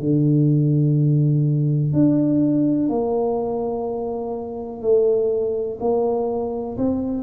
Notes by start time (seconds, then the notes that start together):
0.00 D3
1.93 D4
2.89 A#3
4.82 A3
5.81 A#3
6.78 C4